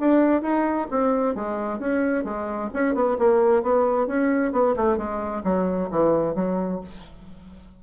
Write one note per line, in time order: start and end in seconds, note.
0.00 0.42 D4
0.42 0.88 D#4
0.91 1.35 C4
1.35 1.79 G#3
1.79 2.25 C#4
2.25 2.70 G#3
2.74 2.95 C#4
2.95 3.17 B3
3.19 3.63 A#3
3.63 4.07 B3
4.07 4.52 C#4
4.52 4.75 B3
4.77 4.98 A3
4.98 5.43 G#3
5.44 5.89 F#3
5.91 6.35 E3
6.35 6.81 F#3